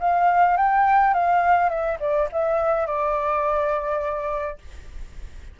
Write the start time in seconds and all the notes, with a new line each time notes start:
0.00 F5
0.57 G5
1.14 F5
1.69 E5
2.00 D5
2.32 E5
2.86 D5